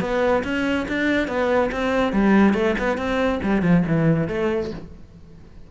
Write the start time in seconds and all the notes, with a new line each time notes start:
0.00 B3
0.44 C#4
0.88 D4
1.27 B3
1.71 C4
2.12 G3
2.53 A3
2.78 B3
2.97 C4
3.43 G3
3.62 F3
3.86 E3
4.27 A3